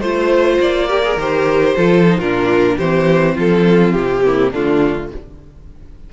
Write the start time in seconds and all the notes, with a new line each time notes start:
0.00 A3 F4 C5
0.60 A#3 D5
0.88 G4 A#4
1.04 G#4
1.16 D#3 G4 C5
1.77 F3 F4 A4
2.07 D#4
2.18 A#2 D4 F4 A#4
2.76 E3 C4 G4 C5
3.35 F3 F4 A4
3.93 C3 G4
4.25 A#3 E4
4.51 D3 A3 D4 F4